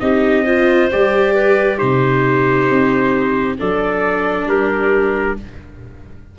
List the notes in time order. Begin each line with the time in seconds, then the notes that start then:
0.00 C4 D#4 G4 D#5
0.44 F4 C5
0.91 G3 G4 D5
1.34 B4
1.77 C3 D#4 G4 C5
2.71 C4
3.58 F#3 D4 A4 D5
4.47 G3 G4 A#4